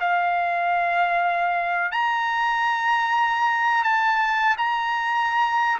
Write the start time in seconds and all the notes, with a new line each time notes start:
0.00 F5
1.91 A#5
3.83 A5
4.57 A#5